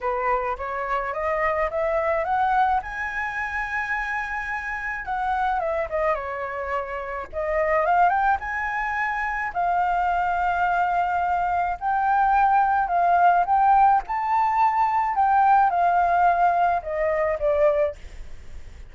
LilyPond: \new Staff \with { instrumentName = "flute" } { \time 4/4 \tempo 4 = 107 b'4 cis''4 dis''4 e''4 | fis''4 gis''2.~ | gis''4 fis''4 e''8 dis''8 cis''4~ | cis''4 dis''4 f''8 g''8 gis''4~ |
gis''4 f''2.~ | f''4 g''2 f''4 | g''4 a''2 g''4 | f''2 dis''4 d''4 | }